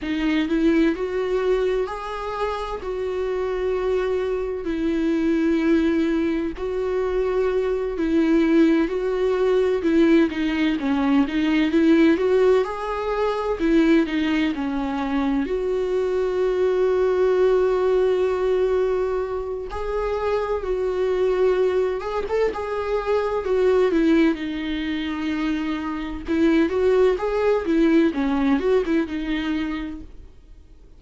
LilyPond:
\new Staff \with { instrumentName = "viola" } { \time 4/4 \tempo 4 = 64 dis'8 e'8 fis'4 gis'4 fis'4~ | fis'4 e'2 fis'4~ | fis'8 e'4 fis'4 e'8 dis'8 cis'8 | dis'8 e'8 fis'8 gis'4 e'8 dis'8 cis'8~ |
cis'8 fis'2.~ fis'8~ | fis'4 gis'4 fis'4. gis'16 a'16 | gis'4 fis'8 e'8 dis'2 | e'8 fis'8 gis'8 e'8 cis'8 fis'16 e'16 dis'4 | }